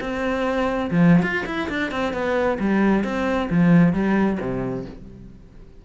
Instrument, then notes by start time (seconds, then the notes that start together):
cello
0.00 C4
0.90 F3
1.22 F4
1.46 E4
1.69 D4
1.91 C4
2.13 B3
2.59 G3
3.03 C4
3.50 F3
3.93 G3
4.40 C3